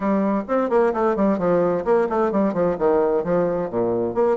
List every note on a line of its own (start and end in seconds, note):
0.00 0.43 G3
0.48 0.69 C4
0.69 0.92 A#3
0.93 1.15 A3
1.15 1.38 G3
1.38 1.84 F3
1.84 2.07 A#3
2.09 2.31 A3
2.31 2.53 G3
2.53 2.76 F3
2.78 3.24 D#3
3.24 3.70 F3
3.70 4.14 A#2
4.14 4.37 A#3